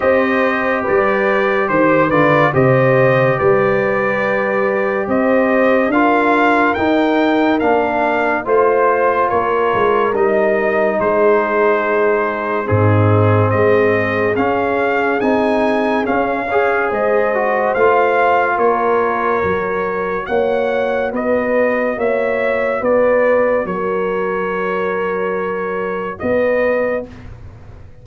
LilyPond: <<
  \new Staff \with { instrumentName = "trumpet" } { \time 4/4 \tempo 4 = 71 dis''4 d''4 c''8 d''8 dis''4 | d''2 dis''4 f''4 | g''4 f''4 c''4 cis''4 | dis''4 c''2 gis'4 |
dis''4 f''4 gis''4 f''4 | dis''4 f''4 cis''2 | fis''4 dis''4 e''4 d''4 | cis''2. dis''4 | }
  \new Staff \with { instrumentName = "horn" } { \time 4/4 c''4 b'4 c''8 b'8 c''4 | b'2 c''4 ais'4~ | ais'2 c''4 ais'4~ | ais'4 gis'2 dis'4 |
gis'2.~ gis'8 cis''8 | c''2 ais'2 | cis''4 b'4 cis''4 b'4 | ais'2. b'4 | }
  \new Staff \with { instrumentName = "trombone" } { \time 4/4 g'2~ g'8 f'8 g'4~ | g'2. f'4 | dis'4 d'4 f'2 | dis'2. c'4~ |
c'4 cis'4 dis'4 cis'8 gis'8~ | gis'8 fis'8 f'2 fis'4~ | fis'1~ | fis'1 | }
  \new Staff \with { instrumentName = "tuba" } { \time 4/4 c'4 g4 dis8 d8 c4 | g2 c'4 d'4 | dis'4 ais4 a4 ais8 gis8 | g4 gis2 gis,4 |
gis4 cis'4 c'4 cis'4 | gis4 a4 ais4 fis4 | ais4 b4 ais4 b4 | fis2. b4 | }
>>